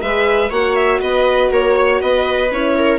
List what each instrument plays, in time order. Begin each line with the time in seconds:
0.00 bassoon G#3, horn G#4, viola B4, violin E5
0.50 bassoon A#3, horn F#4, viola C#5, violin F#5
0.76 violin E5
1.01 bassoon B3, viola B4, violin D#5
1.51 bassoon A#3, viola A#4, violin C#5
1.76 viola C#5
2.01 bassoon B3, viola B4, violin D#5
2.51 bassoon C#4, horn E4, violin C#5
2.78 viola A#4